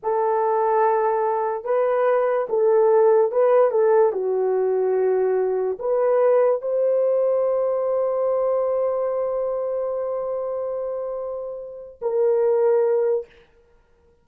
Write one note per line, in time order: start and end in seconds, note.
0.02 1.64 A4
1.64 2.47 B4
2.49 3.31 A4
3.31 3.70 B4
3.70 4.12 A4
4.12 5.78 F#4
5.79 6.61 B4
6.61 11.99 C5
12.01 13.25 A#4